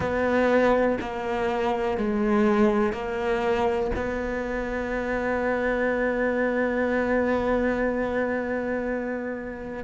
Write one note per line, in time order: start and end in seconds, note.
0.00 0.98 B3
1.01 1.97 A#3
1.97 2.92 G#3
2.92 3.91 A#3
3.95 9.84 B3